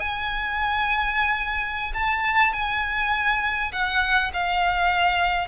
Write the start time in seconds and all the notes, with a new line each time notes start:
0.00 G#5
1.94 A5
2.54 G#5
3.72 F#5
4.34 F5